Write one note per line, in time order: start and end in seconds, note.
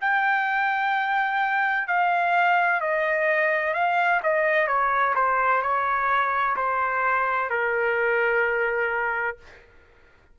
0.00 1.87 G5
1.87 2.80 F5
2.80 3.74 D#5
3.74 4.21 F5
4.23 4.67 D#5
4.67 5.14 C#5
5.15 5.62 C5
5.62 6.55 C#5
6.56 7.50 C5
7.50 9.37 A#4